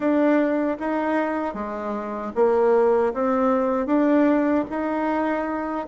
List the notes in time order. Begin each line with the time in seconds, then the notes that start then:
0.00 D4
0.79 D#4
1.54 G#3
2.35 A#3
3.13 C4
3.86 D4
4.70 D#4